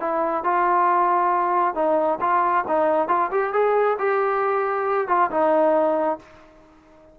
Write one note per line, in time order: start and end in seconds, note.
0.00 0.44 E4
0.44 1.75 F4
1.75 2.19 D#4
2.21 2.65 F4
2.68 3.08 D#4
3.08 3.30 F4
3.31 3.53 G4
3.53 3.97 G#4
3.99 5.08 G4
5.08 5.30 F4
5.31 6.19 D#4